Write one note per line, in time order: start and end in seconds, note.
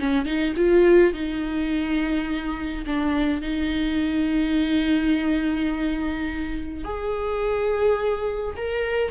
0.00 0.26 C#4
0.26 0.54 D#4
0.57 1.14 F4
1.14 2.85 D#4
2.86 3.42 D4
3.42 6.85 D#4
6.85 8.56 G#4
8.57 9.11 A#4